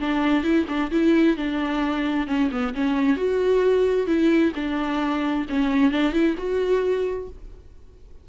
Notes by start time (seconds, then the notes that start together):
0.00 D4
0.44 E4
0.68 D4
0.91 E4
1.37 D4
2.27 C#4
2.51 B3
2.75 C#4
3.17 F#4
4.07 E4
4.55 D4
5.49 C#4
5.91 D4
6.13 E4
6.38 F#4